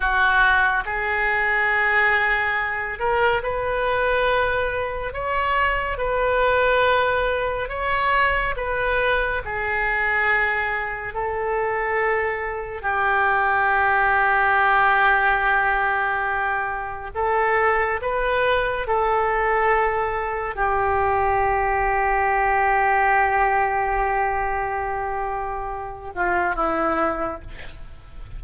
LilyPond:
\new Staff \with { instrumentName = "oboe" } { \time 4/4 \tempo 4 = 70 fis'4 gis'2~ gis'8 ais'8 | b'2 cis''4 b'4~ | b'4 cis''4 b'4 gis'4~ | gis'4 a'2 g'4~ |
g'1 | a'4 b'4 a'2 | g'1~ | g'2~ g'8 f'8 e'4 | }